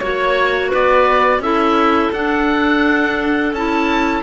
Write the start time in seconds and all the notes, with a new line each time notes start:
0.00 A#3 F#4 C#5
0.70 B3 B4 D5
1.40 C#4 E4 A4 E5
2.13 D4 F#5
3.53 C#4 E4 A5